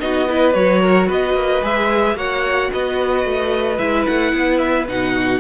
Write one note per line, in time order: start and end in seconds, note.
0.00 0.55 B3
0.00 0.27 D#4
0.00 0.30 F#4
0.00 0.54 D#5
0.30 0.55 E4
0.30 0.82 B4
0.54 1.09 F#3
0.54 1.62 F#4
0.54 1.08 C#5
0.82 1.08 A#4
1.08 1.35 B3
1.08 2.16 B4
1.08 1.65 D#5
1.35 1.62 A#3
1.62 2.15 G#3
1.62 2.16 G#4
1.62 2.18 E5
2.15 2.69 A#3
2.15 3.78 F#4
2.15 2.72 C#5
2.15 2.72 F#5
2.73 3.25 B3
2.73 5.15 B4
2.73 3.79 D#5
3.25 3.79 A3
3.79 4.07 G#3
3.79 4.87 E4
3.79 4.06 E5
4.07 4.33 A3
4.07 4.59 F#5
4.33 4.87 B3
4.59 4.86 E5
4.89 5.41 B2
4.89 5.41 D#4
4.89 5.41 F#5
5.15 5.41 F#4